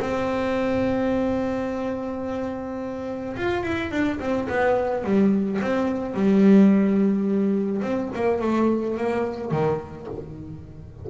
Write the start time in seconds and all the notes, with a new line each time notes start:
0.00 C4
3.37 F4
3.63 E4
3.91 D4
4.20 C4
4.49 B3
5.04 G3
5.62 C4
6.14 G3
7.82 C4
8.15 A#3
8.42 A3
8.97 A#3
9.51 D#3